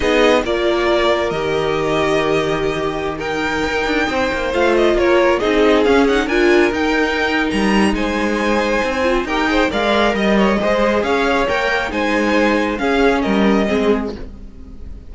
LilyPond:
<<
  \new Staff \with { instrumentName = "violin" } { \time 4/4 \tempo 4 = 136 dis''4 d''2 dis''4~ | dis''2.~ dis''16 g''8.~ | g''2~ g''16 f''8 dis''8 cis''8.~ | cis''16 dis''4 f''8 fis''8 gis''4 g''8.~ |
g''4 ais''4 gis''2~ | gis''4 g''4 f''4 dis''4~ | dis''4 f''4 g''4 gis''4~ | gis''4 f''4 dis''2 | }
  \new Staff \with { instrumentName = "violin" } { \time 4/4 gis'4 ais'2.~ | ais'2~ ais'16 g'4 ais'8.~ | ais'4~ ais'16 c''2 ais'8.~ | ais'16 gis'2 ais'4.~ ais'16~ |
ais'2 c''2~ | c''4 ais'8 c''8 d''4 dis''8 cis''8 | c''4 cis''2 c''4~ | c''4 gis'4 ais'4 gis'4 | }
  \new Staff \with { instrumentName = "viola" } { \time 4/4 dis'4 f'2 g'4~ | g'2.~ g'16 dis'8.~ | dis'2~ dis'16 f'4.~ f'16~ | f'16 dis'4 cis'8 dis'8 f'4 dis'8.~ |
dis'1~ | dis'8 f'8 g'8 gis'8 ais'2 | gis'2 ais'4 dis'4~ | dis'4 cis'2 c'4 | }
  \new Staff \with { instrumentName = "cello" } { \time 4/4 b4 ais2 dis4~ | dis1~ | dis16 dis'8 d'8 c'8 ais8 a4 ais8.~ | ais16 c'4 cis'4 d'4 dis'8.~ |
dis'4 g4 gis2 | c'4 dis'4 gis4 g4 | gis4 cis'4 ais4 gis4~ | gis4 cis'4 g4 gis4 | }
>>